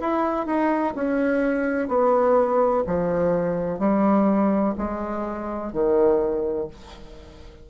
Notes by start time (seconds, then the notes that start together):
0.00 E4
0.46 D#4
0.95 C#4
1.88 B3
2.86 F3
3.79 G3
4.77 G#3
5.72 D#3